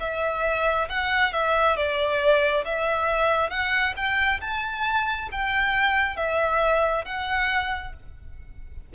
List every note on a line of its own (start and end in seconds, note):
0.00 0.88 E5
0.89 1.33 F#5
1.33 1.76 E5
1.76 2.65 D5
2.65 3.50 E5
3.50 3.94 F#5
3.97 4.41 G5
4.41 5.29 A5
5.32 6.17 G5
6.17 7.05 E5
7.05 7.93 F#5